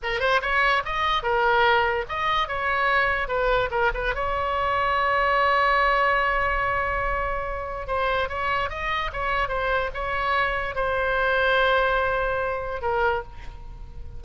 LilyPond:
\new Staff \with { instrumentName = "oboe" } { \time 4/4 \tempo 4 = 145 ais'8 c''8 cis''4 dis''4 ais'4~ | ais'4 dis''4 cis''2 | b'4 ais'8 b'8 cis''2~ | cis''1~ |
cis''2. c''4 | cis''4 dis''4 cis''4 c''4 | cis''2 c''2~ | c''2. ais'4 | }